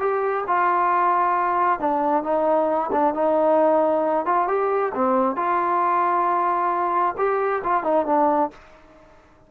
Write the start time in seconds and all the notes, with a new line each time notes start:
0.00 G4
0.48 F4
1.80 D4
2.24 D#4
2.92 D4
3.14 D#4
4.26 F4
4.48 G4
4.95 C4
5.36 F4
7.18 G4
7.64 F4
7.84 D#4
8.06 D4